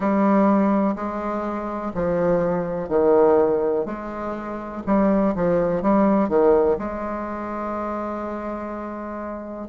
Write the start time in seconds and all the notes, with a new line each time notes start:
0.00 G3
0.95 G#3
1.94 F3
2.88 D#3
3.85 G#3
4.86 G3
5.35 F3
5.82 G3
6.28 D#3
6.78 G#3